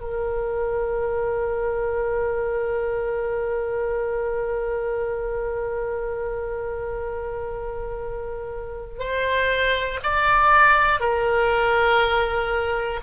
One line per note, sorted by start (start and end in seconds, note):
0.00 8.99 A#4
8.99 9.99 C5
10.03 11.00 D5
11.00 13.00 A#4